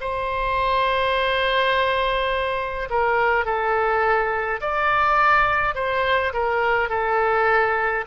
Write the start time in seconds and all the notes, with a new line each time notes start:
0.00 C5
2.90 A#4
3.45 A4
4.60 D5
5.75 C5
6.33 A#4
6.89 A4